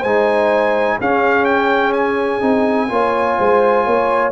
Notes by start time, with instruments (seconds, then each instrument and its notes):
0.00 tuba G#3, trombone D#4, horn C5, trumpet G#5
0.98 tuba C#4, trombone C#4, horn G#4, trumpet F5
1.45 trumpet G5
1.93 trumpet G#5
2.41 tuba C4, trombone D#4
2.89 tuba A#3, trombone F4, horn C#5
3.38 tuba G#3, horn C5
3.85 tuba A#3, horn C#5